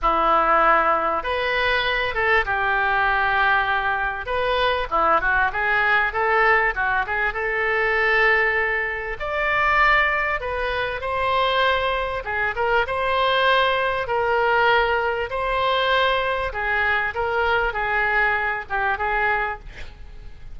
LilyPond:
\new Staff \with { instrumentName = "oboe" } { \time 4/4 \tempo 4 = 98 e'2 b'4. a'8 | g'2. b'4 | e'8 fis'8 gis'4 a'4 fis'8 gis'8 | a'2. d''4~ |
d''4 b'4 c''2 | gis'8 ais'8 c''2 ais'4~ | ais'4 c''2 gis'4 | ais'4 gis'4. g'8 gis'4 | }